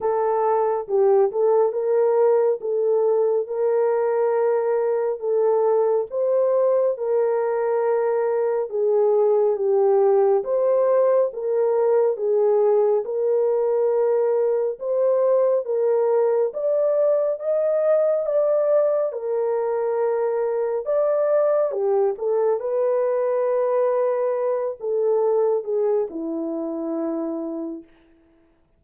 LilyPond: \new Staff \with { instrumentName = "horn" } { \time 4/4 \tempo 4 = 69 a'4 g'8 a'8 ais'4 a'4 | ais'2 a'4 c''4 | ais'2 gis'4 g'4 | c''4 ais'4 gis'4 ais'4~ |
ais'4 c''4 ais'4 d''4 | dis''4 d''4 ais'2 | d''4 g'8 a'8 b'2~ | b'8 a'4 gis'8 e'2 | }